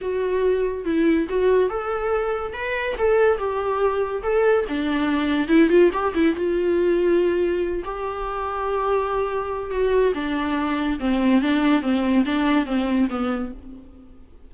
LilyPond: \new Staff \with { instrumentName = "viola" } { \time 4/4 \tempo 4 = 142 fis'2 e'4 fis'4 | a'2 b'4 a'4 | g'2 a'4 d'4~ | d'4 e'8 f'8 g'8 e'8 f'4~ |
f'2~ f'8 g'4.~ | g'2. fis'4 | d'2 c'4 d'4 | c'4 d'4 c'4 b4 | }